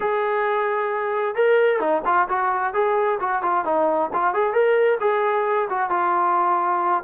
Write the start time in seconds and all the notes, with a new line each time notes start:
0.00 G#4
1.35 A#4
1.79 D#4
2.05 F4
2.28 F#4
2.73 G#4
3.20 F#4
3.42 F4
3.64 D#4
4.13 F4
4.34 G#4
4.53 A#4
5.00 G#4
5.69 F#4
5.90 F4